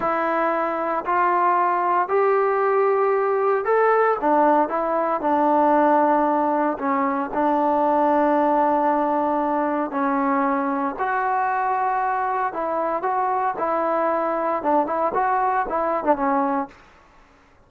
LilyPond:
\new Staff \with { instrumentName = "trombone" } { \time 4/4 \tempo 4 = 115 e'2 f'2 | g'2. a'4 | d'4 e'4 d'2~ | d'4 cis'4 d'2~ |
d'2. cis'4~ | cis'4 fis'2. | e'4 fis'4 e'2 | d'8 e'8 fis'4 e'8. d'16 cis'4 | }